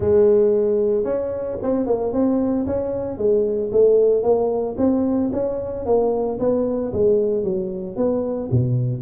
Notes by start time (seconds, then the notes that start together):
0.00 G#3
1.04 C#4
1.62 C4
1.86 A#3
2.12 C4
2.66 C#4
3.17 G#3
3.71 A3
4.22 A#3
4.77 C4
5.32 C#4
5.85 A#3
6.39 B3
6.93 G#3
7.43 F#3
7.96 B3
8.51 B2